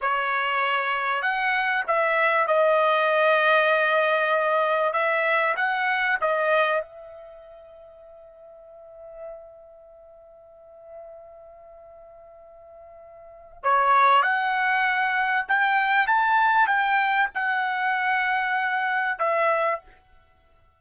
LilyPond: \new Staff \with { instrumentName = "trumpet" } { \time 4/4 \tempo 4 = 97 cis''2 fis''4 e''4 | dis''1 | e''4 fis''4 dis''4 e''4~ | e''1~ |
e''1~ | e''2 cis''4 fis''4~ | fis''4 g''4 a''4 g''4 | fis''2. e''4 | }